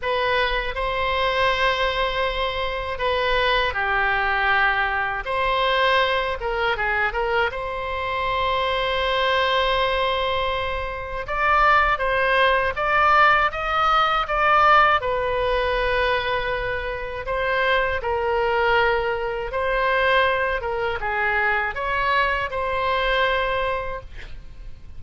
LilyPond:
\new Staff \with { instrumentName = "oboe" } { \time 4/4 \tempo 4 = 80 b'4 c''2. | b'4 g'2 c''4~ | c''8 ais'8 gis'8 ais'8 c''2~ | c''2. d''4 |
c''4 d''4 dis''4 d''4 | b'2. c''4 | ais'2 c''4. ais'8 | gis'4 cis''4 c''2 | }